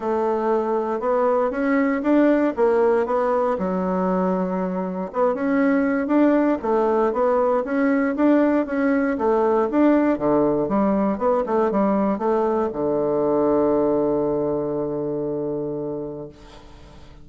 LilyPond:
\new Staff \with { instrumentName = "bassoon" } { \time 4/4 \tempo 4 = 118 a2 b4 cis'4 | d'4 ais4 b4 fis4~ | fis2 b8 cis'4. | d'4 a4 b4 cis'4 |
d'4 cis'4 a4 d'4 | d4 g4 b8 a8 g4 | a4 d2.~ | d1 | }